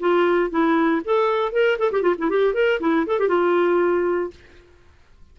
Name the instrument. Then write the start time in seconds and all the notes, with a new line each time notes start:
clarinet
0.00 F4
0.51 E4
1.05 A4
1.53 A#4
1.79 A4
1.92 G4
2.03 F4
2.18 E4
2.30 G4
2.54 A#4
2.81 E4
3.07 A4
3.20 G4
3.28 F4